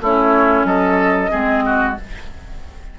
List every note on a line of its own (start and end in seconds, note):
0.00 0.64 A3
0.00 1.29 C#4
0.00 0.66 E4
0.00 0.65 C#5
0.64 1.29 F#3
0.64 1.30 A4
0.64 1.96 D#5
1.29 1.99 G#3
1.29 1.94 C4
1.29 1.63 G#4
1.65 1.98 F#4